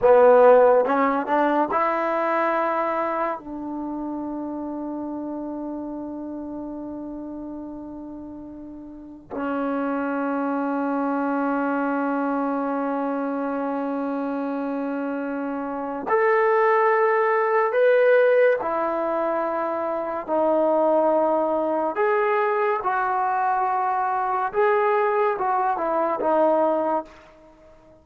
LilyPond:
\new Staff \with { instrumentName = "trombone" } { \time 4/4 \tempo 4 = 71 b4 cis'8 d'8 e'2 | d'1~ | d'2. cis'4~ | cis'1~ |
cis'2. a'4~ | a'4 b'4 e'2 | dis'2 gis'4 fis'4~ | fis'4 gis'4 fis'8 e'8 dis'4 | }